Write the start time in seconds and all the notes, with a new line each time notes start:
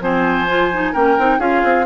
0.00 F3 C4 C5 G#5
0.48 F4
0.72 D#4
0.92 A#3 C#4 A#4 G5
1.18 C4 D#4
1.38 C#4 F4 G#4 F5
1.64 C4